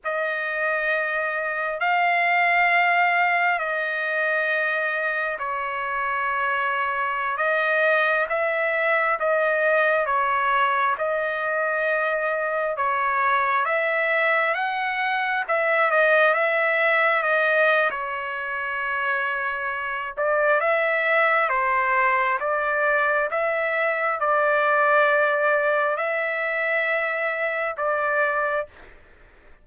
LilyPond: \new Staff \with { instrumentName = "trumpet" } { \time 4/4 \tempo 4 = 67 dis''2 f''2 | dis''2 cis''2~ | cis''16 dis''4 e''4 dis''4 cis''8.~ | cis''16 dis''2 cis''4 e''8.~ |
e''16 fis''4 e''8 dis''8 e''4 dis''8. | cis''2~ cis''8 d''8 e''4 | c''4 d''4 e''4 d''4~ | d''4 e''2 d''4 | }